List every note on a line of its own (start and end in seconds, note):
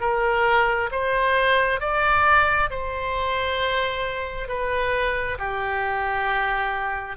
0.00 0.90 A#4
0.91 1.80 C5
1.80 2.69 D5
2.70 4.48 C5
4.48 5.38 B4
5.39 7.16 G4